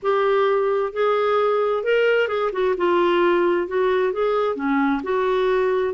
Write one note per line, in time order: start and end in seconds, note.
0.02 0.92 G4
0.92 1.83 G#4
1.83 2.28 A#4
2.28 2.50 G#4
2.52 2.75 F#4
2.77 3.67 F4
3.67 4.12 F#4
4.12 4.55 G#4
4.55 5.01 C#4
5.03 5.94 F#4